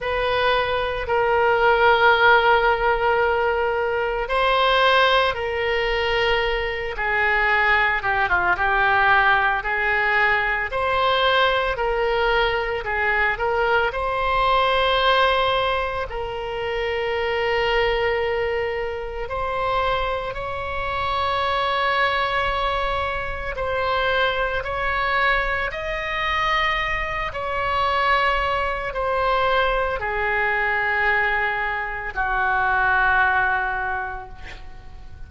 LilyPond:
\new Staff \with { instrumentName = "oboe" } { \time 4/4 \tempo 4 = 56 b'4 ais'2. | c''4 ais'4. gis'4 g'16 f'16 | g'4 gis'4 c''4 ais'4 | gis'8 ais'8 c''2 ais'4~ |
ais'2 c''4 cis''4~ | cis''2 c''4 cis''4 | dis''4. cis''4. c''4 | gis'2 fis'2 | }